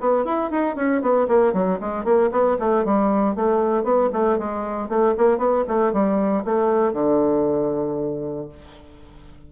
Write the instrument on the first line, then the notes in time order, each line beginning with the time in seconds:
bassoon
0.00 B3
0.25 E4
0.51 D#4
0.75 C#4
1.01 B3
1.28 A#3
1.53 F#3
1.80 G#3
2.04 A#3
2.31 B3
2.59 A3
2.84 G3
3.35 A3
3.83 B3
4.13 A3
4.38 G#3
4.88 A3
5.17 A#3
5.38 B3
5.68 A3
5.92 G3
6.44 A3
6.93 D3